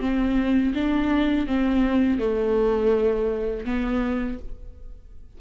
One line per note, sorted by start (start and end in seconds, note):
0.00 0.73 C4
0.74 1.47 D4
1.47 2.19 C4
2.19 3.65 A3
3.65 4.38 B3